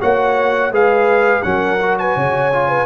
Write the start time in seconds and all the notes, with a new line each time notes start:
0.00 A#3 F#4 C#5 F#5
0.70 G#3 G#4 B4 F5
1.43 F#3 C#4 A#4 F#5
1.80 F#4
1.98 B4 G#5
2.15 C#3 C#5
2.52 F4
2.68 B4